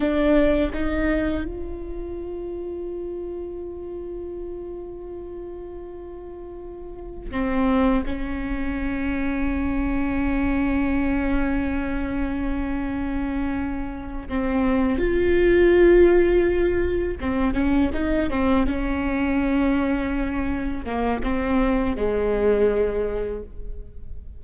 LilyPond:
\new Staff \with { instrumentName = "viola" } { \time 4/4 \tempo 4 = 82 d'4 dis'4 f'2~ | f'1~ | f'2 c'4 cis'4~ | cis'1~ |
cis'2.~ cis'8 c'8~ | c'8 f'2. c'8 | cis'8 dis'8 c'8 cis'2~ cis'8~ | cis'8 ais8 c'4 gis2 | }